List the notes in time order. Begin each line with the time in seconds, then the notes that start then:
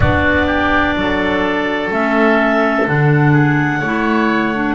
0.00 B3 D4 F#4 D5
0.46 G4
0.95 F#3 A4
1.90 A3 C#4 E5
2.86 D3 D4 F#5
3.32 G#4
3.79 A3 E4 C#5
4.54 D4